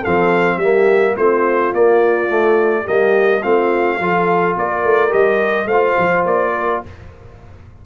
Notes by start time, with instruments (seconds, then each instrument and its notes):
0.00 trombone C4, horn A4, trumpet F5
0.06 tuba F3
0.57 tuba G3, trombone A#3, horn G4, trumpet E5
1.17 tuba A3, trombone C4, horn F4, trumpet C5
1.73 trombone A#3, tuba A#3, trumpet D5
2.29 trombone A3, tuba A3
2.84 tuba G3, trombone A#3, horn G4, trumpet D#5
3.42 tuba A3, trombone C4, horn F4, trumpet F5
3.99 tuba F3, trombone F4, horn A4
4.57 tuba A#3, horn A#4, trumpet D5
4.84 tuba A3
5.09 tuba G3, trombone G4, trumpet D#5
5.66 tuba A3, horn C5, trumpet F5
5.72 trombone F4
5.98 tuba F3
6.25 tuba A#3, trumpet D5
6.54 horn A#4